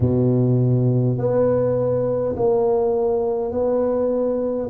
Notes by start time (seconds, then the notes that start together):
0.00 B2
1.18 B3
2.36 A#3
3.51 B3